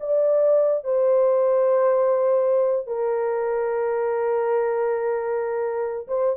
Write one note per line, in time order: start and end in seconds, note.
0.00 0.84 D5
0.84 2.87 C5
2.87 6.07 A#4
6.08 6.37 C5